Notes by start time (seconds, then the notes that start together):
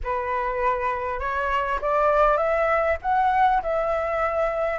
0.03 B4
1.19 C#5
1.81 D5
2.37 E5
3.02 F#5
3.62 E5